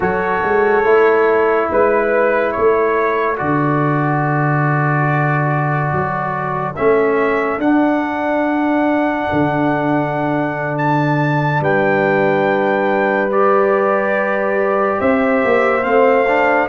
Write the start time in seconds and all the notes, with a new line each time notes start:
0.00 F#3 F#4 A4 C#5
0.42 G#3
0.84 A3 E4
1.71 G#3 B4
2.51 A3 A4 C#5
3.36 D3 F#4 D5
5.92 F#3
6.75 A3 C#4 E5
7.58 D4 F#5
9.32 D3
10.78 A5
11.60 G3 B4 G5
13.30 G4 D5
14.98 C4 C5 E5
15.44 A#3
15.83 A3 C4 F5
16.27 D4